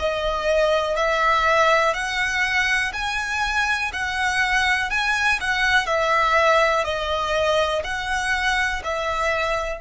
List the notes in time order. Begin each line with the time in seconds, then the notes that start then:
0.00 D#5
0.97 E5
1.94 F#5
2.93 G#5
3.93 F#5
4.90 G#5
5.41 F#5
5.86 E5
6.85 D#5
7.84 F#5
8.84 E5